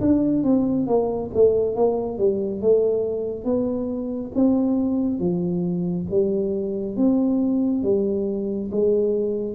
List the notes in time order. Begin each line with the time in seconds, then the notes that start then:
0.00 D4
0.43 C4
0.87 A#3
1.34 A3
1.75 A#3
2.18 G3
2.61 A3
3.44 B3
4.35 C4
5.19 F3
6.10 G3
6.96 C4
7.83 G3
8.71 G#3